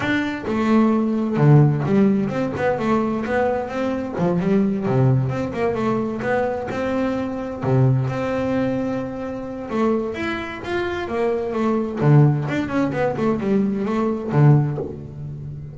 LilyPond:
\new Staff \with { instrumentName = "double bass" } { \time 4/4 \tempo 4 = 130 d'4 a2 d4 | g4 c'8 b8 a4 b4 | c'4 f8 g4 c4 c'8 | ais8 a4 b4 c'4.~ |
c'8 c4 c'2~ c'8~ | c'4 a4 e'4 f'4 | ais4 a4 d4 d'8 cis'8 | b8 a8 g4 a4 d4 | }